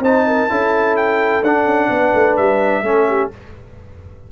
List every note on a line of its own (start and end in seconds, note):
0.00 0.47 C4
0.00 0.50 D#4
0.00 0.26 C5
0.00 0.97 A5
0.27 0.50 A#4
0.50 1.43 C#4
0.50 1.44 E4
0.50 1.91 A4
0.97 1.44 G5
1.43 1.66 D4
1.43 2.84 D4
1.43 2.37 F#5
1.66 1.89 C#4
1.90 2.13 B3
1.90 2.85 B4
2.15 2.38 A3
2.37 2.83 G3
2.37 3.31 E5
2.83 3.30 A3
2.83 3.31 C#4
2.83 3.08 A4
3.08 3.32 G4